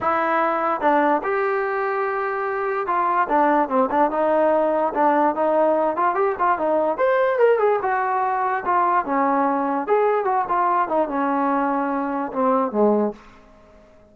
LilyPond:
\new Staff \with { instrumentName = "trombone" } { \time 4/4 \tempo 4 = 146 e'2 d'4 g'4~ | g'2. f'4 | d'4 c'8 d'8 dis'2 | d'4 dis'4. f'8 g'8 f'8 |
dis'4 c''4 ais'8 gis'8 fis'4~ | fis'4 f'4 cis'2 | gis'4 fis'8 f'4 dis'8 cis'4~ | cis'2 c'4 gis4 | }